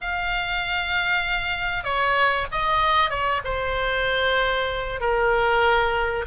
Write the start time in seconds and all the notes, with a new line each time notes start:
0.01 F5
1.84 C#5
2.51 D#5
3.09 C#5
3.44 C5
5.00 A#4